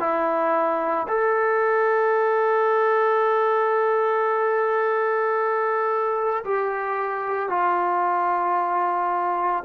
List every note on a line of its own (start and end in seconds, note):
0.00 1.07 E4
1.09 6.44 A4
6.45 7.50 G4
7.50 9.64 F4